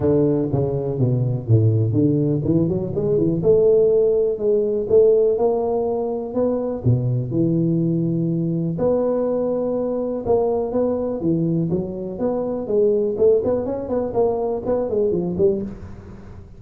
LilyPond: \new Staff \with { instrumentName = "tuba" } { \time 4/4 \tempo 4 = 123 d4 cis4 b,4 a,4 | d4 e8 fis8 gis8 e8 a4~ | a4 gis4 a4 ais4~ | ais4 b4 b,4 e4~ |
e2 b2~ | b4 ais4 b4 e4 | fis4 b4 gis4 a8 b8 | cis'8 b8 ais4 b8 gis8 f8 g8 | }